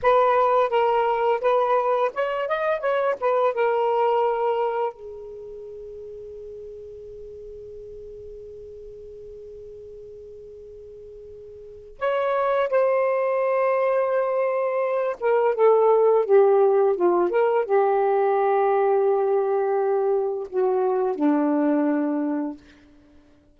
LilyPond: \new Staff \with { instrumentName = "saxophone" } { \time 4/4 \tempo 4 = 85 b'4 ais'4 b'4 cis''8 dis''8 | cis''8 b'8 ais'2 gis'4~ | gis'1~ | gis'1~ |
gis'4 cis''4 c''2~ | c''4. ais'8 a'4 g'4 | f'8 ais'8 g'2.~ | g'4 fis'4 d'2 | }